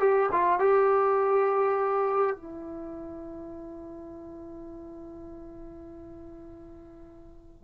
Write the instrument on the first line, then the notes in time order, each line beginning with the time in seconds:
trombone
0.00 G4
0.32 F4
0.60 G4
2.36 E4